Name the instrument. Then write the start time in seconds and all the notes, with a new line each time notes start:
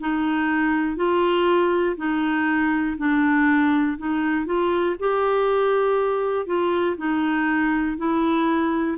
clarinet
0.00 D#4
0.96 F4
1.97 D#4
2.97 D4
3.97 D#4
4.46 F4
4.99 G4
6.46 F4
6.97 D#4
7.97 E4